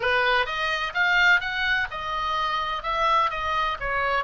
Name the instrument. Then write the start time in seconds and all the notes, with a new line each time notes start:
oboe
0.00 B4
0.46 D#5
0.93 F5
1.40 F#5
1.90 D#5
2.83 E5
3.30 D#5
3.79 C#5